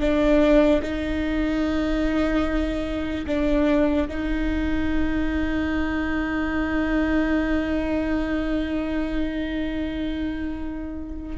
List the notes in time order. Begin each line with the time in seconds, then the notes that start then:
0.00 D4
0.82 D#4
3.27 D4
4.08 D#4